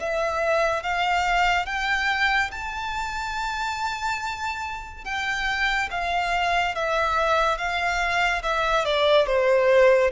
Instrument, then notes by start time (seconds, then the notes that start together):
violin
0.00 E5
0.83 F5
1.66 G5
2.51 A5
5.05 G5
5.90 F5
6.75 E5
7.57 F5
8.43 E5
8.85 D5
9.27 C5